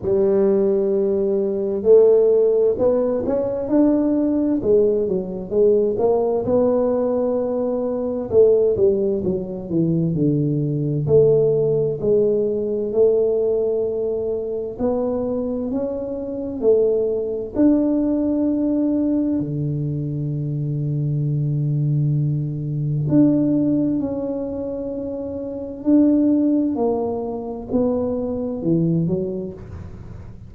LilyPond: \new Staff \with { instrumentName = "tuba" } { \time 4/4 \tempo 4 = 65 g2 a4 b8 cis'8 | d'4 gis8 fis8 gis8 ais8 b4~ | b4 a8 g8 fis8 e8 d4 | a4 gis4 a2 |
b4 cis'4 a4 d'4~ | d'4 d2.~ | d4 d'4 cis'2 | d'4 ais4 b4 e8 fis8 | }